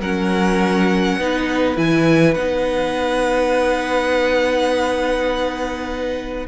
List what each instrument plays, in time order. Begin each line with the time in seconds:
0.00 cello F#3, viola C#4, violin A#4 F#5
1.17 cello B3, viola D#4, violin B4
1.75 cello E3, viola E4, violin G#5
2.34 cello B3, viola D#4, violin F#5